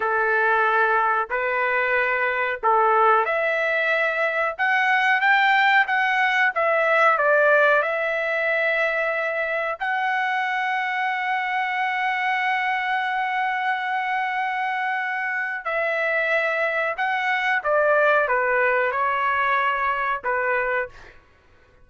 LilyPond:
\new Staff \with { instrumentName = "trumpet" } { \time 4/4 \tempo 4 = 92 a'2 b'2 | a'4 e''2 fis''4 | g''4 fis''4 e''4 d''4 | e''2. fis''4~ |
fis''1~ | fis''1 | e''2 fis''4 d''4 | b'4 cis''2 b'4 | }